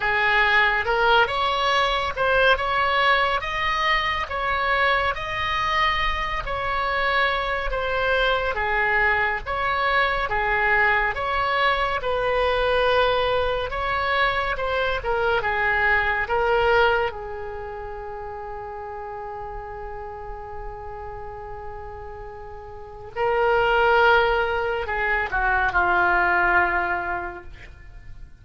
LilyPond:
\new Staff \with { instrumentName = "oboe" } { \time 4/4 \tempo 4 = 70 gis'4 ais'8 cis''4 c''8 cis''4 | dis''4 cis''4 dis''4. cis''8~ | cis''4 c''4 gis'4 cis''4 | gis'4 cis''4 b'2 |
cis''4 c''8 ais'8 gis'4 ais'4 | gis'1~ | gis'2. ais'4~ | ais'4 gis'8 fis'8 f'2 | }